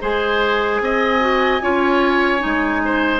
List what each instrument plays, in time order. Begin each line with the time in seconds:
0.00 bassoon G#3, clarinet G#4, oboe C5, flute G#5
0.81 bassoon C4, oboe D#5
1.20 clarinet F#4
1.61 bassoon C#4, clarinet F4, oboe C#5
2.39 bassoon G#3, clarinet D#4
2.85 oboe C5